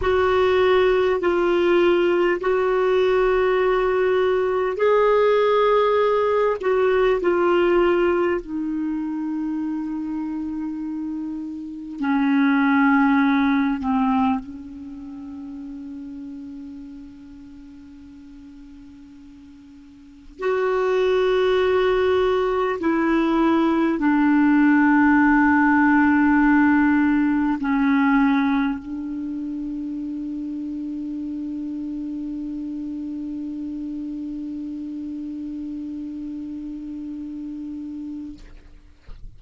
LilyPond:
\new Staff \with { instrumentName = "clarinet" } { \time 4/4 \tempo 4 = 50 fis'4 f'4 fis'2 | gis'4. fis'8 f'4 dis'4~ | dis'2 cis'4. c'8 | cis'1~ |
cis'4 fis'2 e'4 | d'2. cis'4 | d'1~ | d'1 | }